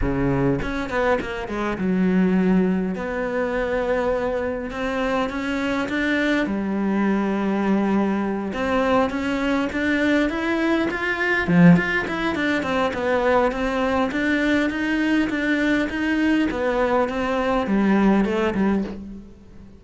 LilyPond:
\new Staff \with { instrumentName = "cello" } { \time 4/4 \tempo 4 = 102 cis4 cis'8 b8 ais8 gis8 fis4~ | fis4 b2. | c'4 cis'4 d'4 g4~ | g2~ g8 c'4 cis'8~ |
cis'8 d'4 e'4 f'4 f8 | f'8 e'8 d'8 c'8 b4 c'4 | d'4 dis'4 d'4 dis'4 | b4 c'4 g4 a8 g8 | }